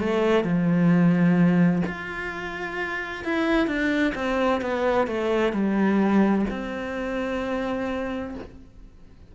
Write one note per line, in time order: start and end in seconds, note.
0.00 0.44 A3
0.44 1.83 F3
1.87 3.25 F4
3.25 3.68 E4
3.68 4.14 D4
4.15 4.62 C4
4.62 5.08 B3
5.08 5.53 A3
5.53 6.46 G3
6.51 8.35 C4